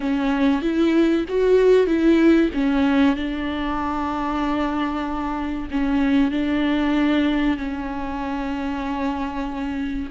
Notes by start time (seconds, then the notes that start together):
0.00 C#4
0.62 E4
1.28 F#4
1.87 E4
2.53 C#4
3.16 D4
5.70 C#4
6.31 D4
7.57 C#4